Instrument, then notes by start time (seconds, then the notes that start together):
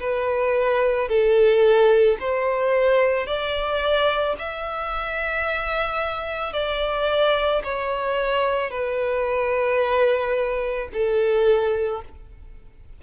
violin
0.00 B4
1.09 A4
2.20 C5
3.27 D5
4.39 E5
6.53 D5
7.64 C#5
8.71 B4
10.93 A4